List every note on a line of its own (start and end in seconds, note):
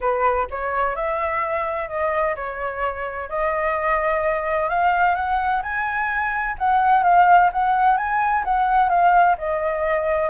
0.00 0.47 B4
0.50 0.95 C#5
0.95 1.88 E5
1.88 2.35 D#5
2.35 3.29 C#5
3.29 4.69 D#5
4.69 5.15 F5
5.15 5.62 F#5
5.62 6.56 G#5
6.58 7.03 F#5
7.03 7.50 F5
7.52 7.97 F#5
7.97 8.44 G#5
8.44 8.89 F#5
8.89 9.36 F5
9.38 10.29 D#5